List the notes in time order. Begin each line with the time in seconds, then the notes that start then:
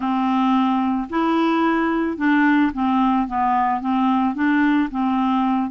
0.00 C4
1.09 E4
2.17 D4
2.73 C4
3.27 B3
3.81 C4
4.34 D4
4.90 C4